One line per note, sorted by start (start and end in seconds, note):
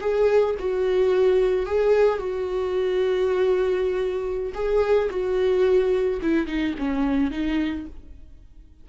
0.00 0.55 G#4
0.59 1.66 F#4
1.66 2.19 G#4
2.19 4.53 F#4
4.54 5.09 G#4
5.10 6.20 F#4
6.22 6.47 E4
6.47 6.74 D#4
6.78 7.31 C#4
7.31 7.86 D#4